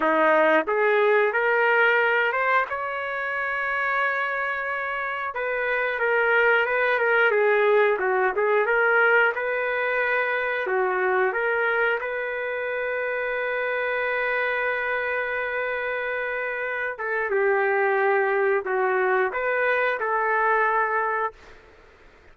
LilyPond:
\new Staff \with { instrumentName = "trumpet" } { \time 4/4 \tempo 4 = 90 dis'4 gis'4 ais'4. c''8 | cis''1 | b'4 ais'4 b'8 ais'8 gis'4 | fis'8 gis'8 ais'4 b'2 |
fis'4 ais'4 b'2~ | b'1~ | b'4. a'8 g'2 | fis'4 b'4 a'2 | }